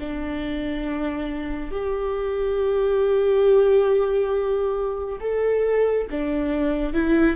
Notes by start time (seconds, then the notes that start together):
0.00 D4
1.72 G4
5.21 A4
6.11 D4
6.94 E4